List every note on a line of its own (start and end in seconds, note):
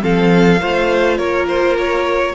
0.00 0.61 F3
0.00 0.58 C4
0.00 0.61 A4
0.00 1.17 F5
0.61 1.19 A3
0.61 2.35 F4
0.61 1.17 C5
1.17 2.35 A#3
1.17 2.34 A#4
1.17 1.46 C#5
1.48 1.77 C5
1.78 2.35 C#5